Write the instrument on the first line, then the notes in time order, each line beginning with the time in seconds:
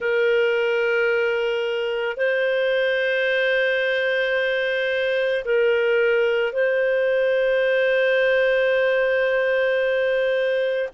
clarinet
0.00 A#4
2.17 C5
5.44 A#4
6.52 C5